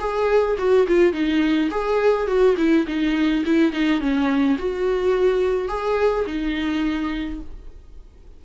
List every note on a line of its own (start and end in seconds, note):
0.00 0.57 G#4
0.58 0.87 F#4
0.88 1.13 F4
1.13 1.70 D#4
1.71 2.27 G#4
2.27 2.56 F#4
2.57 2.86 E4
2.87 3.44 D#4
3.45 3.72 E4
3.72 4.00 D#4
4.00 4.57 C#4
4.59 5.68 F#4
5.68 6.25 G#4
6.26 7.41 D#4